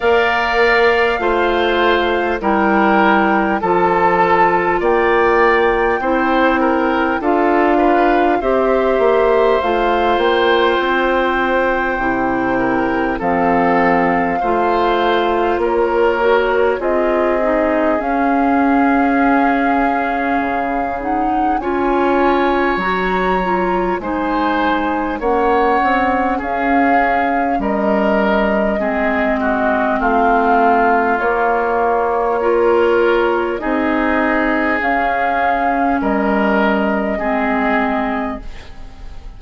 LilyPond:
<<
  \new Staff \with { instrumentName = "flute" } { \time 4/4 \tempo 4 = 50 f''2 g''4 a''4 | g''2 f''4 e''4 | f''8 g''2~ g''8 f''4~ | f''4 cis''4 dis''4 f''4~ |
f''4. fis''8 gis''4 ais''4 | gis''4 fis''4 f''4 dis''4~ | dis''4 f''4 cis''2 | dis''4 f''4 dis''2 | }
  \new Staff \with { instrumentName = "oboe" } { \time 4/4 d''4 c''4 ais'4 a'4 | d''4 c''8 ais'8 a'8 b'8 c''4~ | c''2~ c''8 ais'8 a'4 | c''4 ais'4 gis'2~ |
gis'2 cis''2 | c''4 cis''4 gis'4 ais'4 | gis'8 fis'8 f'2 ais'4 | gis'2 ais'4 gis'4 | }
  \new Staff \with { instrumentName = "clarinet" } { \time 4/4 ais'4 f'4 e'4 f'4~ | f'4 e'4 f'4 g'4 | f'2 e'4 c'4 | f'4. fis'8 f'8 dis'8 cis'4~ |
cis'4. dis'8 f'4 fis'8 f'8 | dis'4 cis'2. | c'2 ais4 f'4 | dis'4 cis'2 c'4 | }
  \new Staff \with { instrumentName = "bassoon" } { \time 4/4 ais4 a4 g4 f4 | ais4 c'4 d'4 c'8 ais8 | a8 ais8 c'4 c4 f4 | a4 ais4 c'4 cis'4~ |
cis'4 cis4 cis'4 fis4 | gis4 ais8 c'8 cis'4 g4 | gis4 a4 ais2 | c'4 cis'4 g4 gis4 | }
>>